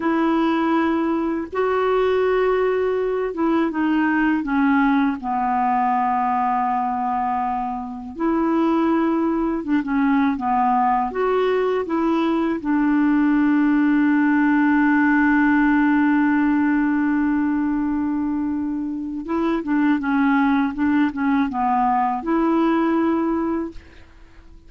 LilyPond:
\new Staff \with { instrumentName = "clarinet" } { \time 4/4 \tempo 4 = 81 e'2 fis'2~ | fis'8 e'8 dis'4 cis'4 b4~ | b2. e'4~ | e'4 d'16 cis'8. b4 fis'4 |
e'4 d'2.~ | d'1~ | d'2 e'8 d'8 cis'4 | d'8 cis'8 b4 e'2 | }